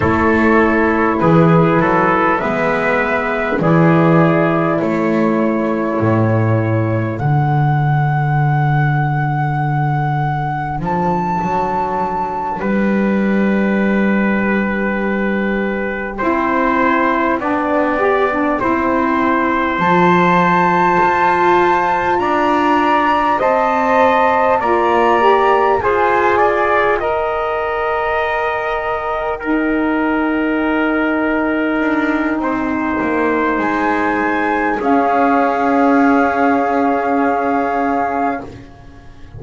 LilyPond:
<<
  \new Staff \with { instrumentName = "flute" } { \time 4/4 \tempo 4 = 50 cis''4 b'4 e''4 d''4 | cis''2 fis''2~ | fis''4 a''4. g''4.~ | g''1~ |
g''8 a''2 ais''4 a''8~ | a''8 ais''4 gis''4 g''4.~ | g''1 | gis''4 f''2. | }
  \new Staff \with { instrumentName = "trumpet" } { \time 4/4 a'4 gis'8 a'8 b'4 gis'4 | a'1~ | a'2~ a'8 b'4.~ | b'4. c''4 d''4 c''8~ |
c''2~ c''8 d''4 dis''8~ | dis''8 d''4 c''8 d''8 dis''4.~ | dis''8 ais'2~ ais'8 c''4~ | c''4 gis'2. | }
  \new Staff \with { instrumentName = "saxophone" } { \time 4/4 e'2 b4 e'4~ | e'2 d'2~ | d'1~ | d'4. e'4 d'8 g'16 d'16 e'8~ |
e'8 f'2. c''8~ | c''8 f'8 g'8 gis'4 ais'4.~ | ais'8 dis'2.~ dis'8~ | dis'4 cis'2. | }
  \new Staff \with { instrumentName = "double bass" } { \time 4/4 a4 e8 fis8 gis4 e4 | a4 a,4 d2~ | d4 f8 fis4 g4.~ | g4. c'4 b4 c'8~ |
c'8 f4 f'4 d'4 c'8~ | c'8 ais4 f'4 dis'4.~ | dis'2~ dis'8 d'8 c'8 ais8 | gis4 cis'2. | }
>>